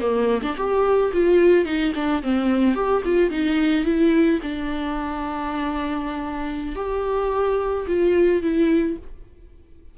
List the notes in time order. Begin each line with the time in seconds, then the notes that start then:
0.00 A#3
0.42 D4
0.57 G4
1.13 F4
1.65 D#4
1.95 D4
2.23 C4
2.75 G4
3.05 F4
3.30 D#4
3.85 E4
4.42 D4
6.76 G4
7.87 F4
8.42 E4